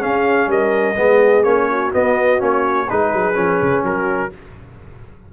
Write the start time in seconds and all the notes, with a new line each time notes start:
0.00 C#4 G#4 F5
0.47 G3 A#4 D#5
0.97 G#3 B3 G#4
1.43 A#3 C#4 C#5
1.70 F#4
1.92 B3 D#5
2.39 A#3 C#4 C#5
2.89 G#3 D#4 G#4 B4
3.13 F#3
3.35 F3 C#4
3.61 C#3
3.84 F#3 F#4 A#4